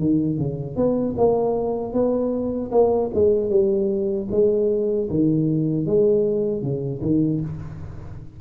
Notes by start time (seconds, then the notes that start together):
0.00 D#3
0.38 C#3
0.77 B3
1.18 A#3
1.94 B3
2.72 A#3
3.15 G#3
3.50 G3
4.31 G#3
5.10 D#3
5.87 G#3
6.62 C#3
7.02 D#3